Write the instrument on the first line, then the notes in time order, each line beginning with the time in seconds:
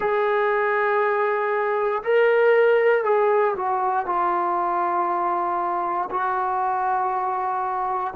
trombone
0.00 G#4
2.03 A#4
3.04 G#4
3.55 F#4
4.05 F4
6.10 F#4